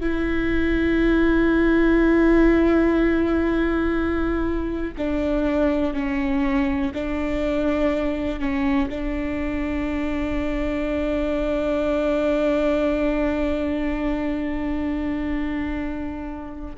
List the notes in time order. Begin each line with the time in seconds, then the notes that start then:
0.00 E4
4.97 D4
5.93 C#4
6.94 D4
8.39 C#4
8.89 D4